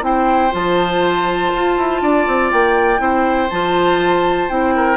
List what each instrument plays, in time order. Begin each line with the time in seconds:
0.00 bassoon C4, clarinet E4, oboe C5, flute G5
0.51 bassoon F3, clarinet F4, flute A5
1.53 bassoon F4
1.77 bassoon E4
2.01 bassoon D4, oboe D5
2.27 bassoon C4
2.51 bassoon A#3, flute G5
2.98 bassoon C4, clarinet E4, oboe C5
3.49 bassoon F3, clarinet F4, flute A5
4.48 bassoon C4, clarinet E4, flute G5
4.75 oboe A#4